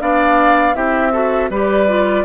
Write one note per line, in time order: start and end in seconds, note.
0.00 0.75 B3
0.00 0.74 D4
0.00 0.76 D5
0.00 0.75 F5
0.74 1.50 C4
0.74 1.12 E4
0.74 1.12 G4
0.74 1.50 E5
1.12 1.50 F#4
1.12 1.50 A4
1.50 2.25 G3
1.50 1.88 G4
1.50 2.25 B4
1.50 2.25 D5
1.88 2.25 F4